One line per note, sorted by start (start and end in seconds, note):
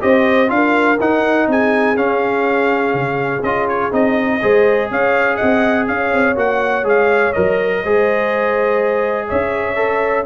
0.00 0.50 C4
0.00 0.48 G4
0.00 0.50 C5
0.00 0.50 D#5
0.48 0.99 D4
0.48 0.96 F4
0.48 0.98 F5
0.54 1.49 A#4
1.00 1.47 D#4
1.00 1.96 D#4
1.00 1.49 F#5
1.47 1.96 C4
1.47 4.41 G#4
1.47 1.96 G#5
1.96 3.42 C#4
1.96 2.93 C#4
1.96 3.43 F5
2.93 3.42 C#3
3.42 3.91 C#4
3.42 3.91 F4
3.42 3.67 D#5
3.68 3.93 C#5
3.91 4.41 C4
3.91 4.39 D#4
3.91 4.90 D#5
4.41 4.90 G#3
4.41 6.35 G#4
4.41 4.90 C5
4.90 5.39 C#4
4.90 5.36 C#5
4.90 5.36 F5
5.36 5.85 D#5
5.36 5.85 F#5
5.42 5.88 C4
5.87 6.12 C#4
5.87 7.82 C#5
5.87 6.36 F5
6.12 6.36 C4
6.35 6.83 A#3
6.35 6.83 F#4
6.35 6.86 F#5
6.83 7.32 G#3
6.83 7.32 G#4
6.83 7.33 F5
7.33 7.84 F#3
7.33 7.83 A#4
7.33 9.28 D#5
7.83 9.30 G#3
7.83 9.75 G#4
7.83 9.27 C5
9.27 10.26 C#4
9.27 10.25 C#5
9.27 10.26 E5
9.75 10.24 A4